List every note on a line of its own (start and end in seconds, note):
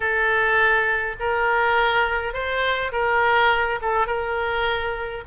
0.00 1.15 A4
1.19 2.33 A#4
2.33 2.91 C5
2.92 3.79 A#4
3.81 4.06 A4
4.06 5.23 A#4